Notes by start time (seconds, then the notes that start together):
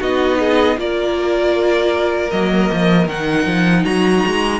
0.00 B3 D#4 F#4 D#5
0.39 G#4
0.77 A#3 F4 A#4 D5
2.31 F#3 A#3 D#5
2.72 F3
3.07 D#3 D#4 F#5
3.46 F3
3.84 F#3 F#4 A#5
4.27 G#3